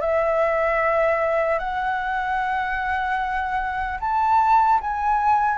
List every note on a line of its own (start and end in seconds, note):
0.00 1.58 E5
1.58 3.98 F#5
4.00 4.80 A5
4.80 5.58 G#5